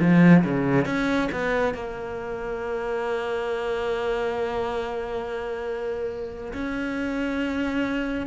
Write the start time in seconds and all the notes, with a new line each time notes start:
0.00 F3
0.43 C#3
0.85 C#4
1.32 B3
1.74 A#3
6.53 C#4